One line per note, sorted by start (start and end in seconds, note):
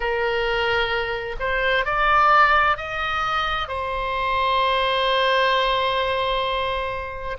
0.00 1.36 A#4
1.39 1.85 C5
1.85 2.77 D5
2.77 3.68 D#5
3.68 7.37 C5